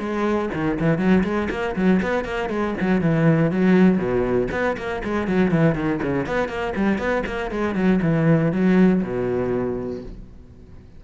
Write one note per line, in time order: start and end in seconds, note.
0.00 0.50 G#3
0.54 0.79 D#3
0.80 0.99 E3
0.99 1.24 F#3
1.24 1.49 G#3
1.51 1.76 A#3
1.76 2.01 F#3
2.02 2.25 B3
2.25 2.50 A#3
2.50 2.75 G#3
2.81 3.01 F#3
3.01 3.51 E3
3.51 3.98 F#3
3.98 4.48 B2
4.52 4.77 B3
4.78 5.03 A#3
5.04 5.28 G#3
5.28 5.51 F#3
5.51 5.76 E3
5.76 6.01 D#3
6.03 6.27 C#3
6.27 6.49 B3
6.49 6.74 A#3
6.76 6.99 G3
6.99 7.24 B3
7.27 7.51 A#3
7.51 7.75 G#3
7.75 8.00 F#3
8.03 8.53 E3
8.53 9.03 F#3
9.03 10.03 B2